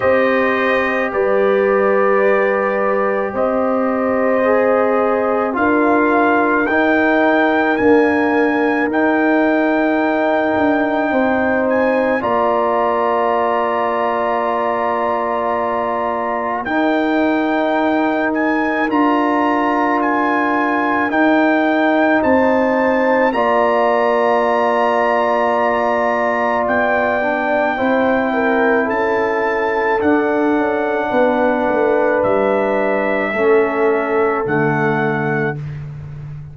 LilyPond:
<<
  \new Staff \with { instrumentName = "trumpet" } { \time 4/4 \tempo 4 = 54 dis''4 d''2 dis''4~ | dis''4 f''4 g''4 gis''4 | g''2~ g''8 gis''8 ais''4~ | ais''2. g''4~ |
g''8 gis''8 ais''4 gis''4 g''4 | a''4 ais''2. | g''2 a''4 fis''4~ | fis''4 e''2 fis''4 | }
  \new Staff \with { instrumentName = "horn" } { \time 4/4 c''4 b'2 c''4~ | c''4 ais'2.~ | ais'2 c''4 d''4~ | d''2. ais'4~ |
ais'1 | c''4 d''2.~ | d''4 c''8 ais'8 a'2 | b'2 a'2 | }
  \new Staff \with { instrumentName = "trombone" } { \time 4/4 g'1 | gis'4 f'4 dis'4 ais4 | dis'2. f'4~ | f'2. dis'4~ |
dis'4 f'2 dis'4~ | dis'4 f'2.~ | f'8 d'8 e'2 d'4~ | d'2 cis'4 a4 | }
  \new Staff \with { instrumentName = "tuba" } { \time 4/4 c'4 g2 c'4~ | c'4 d'4 dis'4 d'4 | dis'4. d'8 c'4 ais4~ | ais2. dis'4~ |
dis'4 d'2 dis'4 | c'4 ais2. | b4 c'4 cis'4 d'8 cis'8 | b8 a8 g4 a4 d4 | }
>>